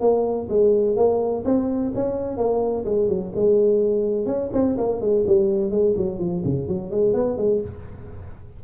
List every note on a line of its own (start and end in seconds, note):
0.00 0.48 A#3
0.49 0.96 G#3
0.96 1.44 A#3
1.44 1.92 C4
1.94 2.37 C#4
2.37 2.85 A#3
2.85 3.08 G#3
3.08 3.32 F#3
3.35 4.26 G#3
4.26 4.50 C#4
4.52 4.76 C4
4.77 5.00 A#3
5.00 5.24 G#3
5.26 5.70 G3
5.70 5.94 G#3
5.97 6.19 F#3
6.19 6.42 F3
6.44 6.68 C#3
6.68 6.90 F#3
6.90 7.13 G#3
7.13 7.37 B3
7.37 7.61 G#3